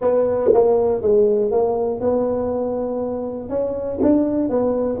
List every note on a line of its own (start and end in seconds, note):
0.01 0.51 B3
0.53 1.01 A#3
1.01 1.51 G#3
1.51 2.00 A#3
2.00 3.49 B3
3.49 3.99 C#4
4.02 4.49 D4
4.49 4.99 B3